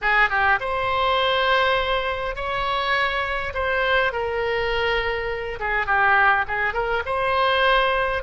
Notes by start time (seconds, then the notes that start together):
0.01 G#4
0.29 G4
0.60 C5
2.35 C#5
3.54 C5
4.12 A#4
5.59 G#4
5.86 G4
6.47 G#4
6.73 A#4
7.05 C5